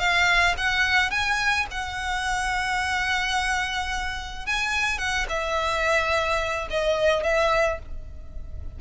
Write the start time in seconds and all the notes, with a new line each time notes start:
0.00 F5
0.58 F#5
1.11 G#5
1.71 F#5
4.47 G#5
4.99 F#5
5.30 E5
6.71 D#5
7.24 E5